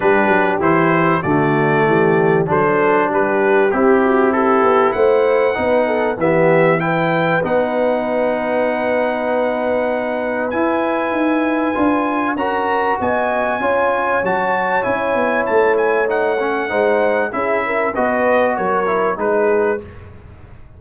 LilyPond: <<
  \new Staff \with { instrumentName = "trumpet" } { \time 4/4 \tempo 4 = 97 b'4 c''4 d''2 | c''4 b'4 g'4 a'4 | fis''2 e''4 g''4 | fis''1~ |
fis''4 gis''2. | ais''4 gis''2 a''4 | gis''4 a''8 gis''8 fis''2 | e''4 dis''4 cis''4 b'4 | }
  \new Staff \with { instrumentName = "horn" } { \time 4/4 g'2 fis'4 g'4 | a'4 g'4. fis'8 g'4 | c''4 b'8 a'8 g'4 b'4~ | b'1~ |
b'1 | ais'4 dis''4 cis''2~ | cis''2. c''4 | gis'8 ais'8 b'4 ais'4 gis'4 | }
  \new Staff \with { instrumentName = "trombone" } { \time 4/4 d'4 e'4 a2 | d'2 e'2~ | e'4 dis'4 b4 e'4 | dis'1~ |
dis'4 e'2 f'4 | fis'2 f'4 fis'4 | e'2 dis'8 cis'8 dis'4 | e'4 fis'4. e'8 dis'4 | }
  \new Staff \with { instrumentName = "tuba" } { \time 4/4 g8 fis8 e4 d4 e4 | fis4 g4 c'4. b8 | a4 b4 e2 | b1~ |
b4 e'4 dis'4 d'4 | cis'4 b4 cis'4 fis4 | cis'8 b8 a2 gis4 | cis'4 b4 fis4 gis4 | }
>>